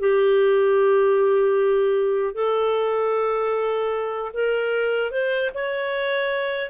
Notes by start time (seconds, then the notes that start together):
0.00 G4
2.34 A4
4.33 A#4
5.11 C5
5.54 C#5